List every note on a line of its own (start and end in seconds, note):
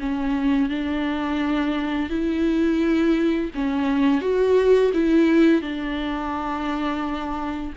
0.00 0.70 C#4
0.70 2.10 D4
2.10 3.51 E4
3.55 4.22 C#4
4.22 4.92 F#4
4.94 5.62 E4
5.62 7.74 D4